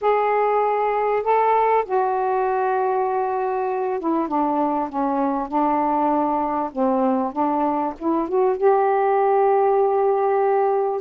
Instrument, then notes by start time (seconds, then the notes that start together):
saxophone
0.01 G#4
1.23 A4
1.85 F#4
3.99 E4
4.27 D4
4.89 C#4
5.48 D4
6.72 C4
7.32 D4
7.98 E4
8.28 F#4
8.57 G4